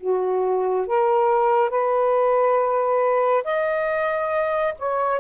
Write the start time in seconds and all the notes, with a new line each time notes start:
0.00 F#4
0.87 A#4
1.70 B4
3.44 D#5
4.79 C#5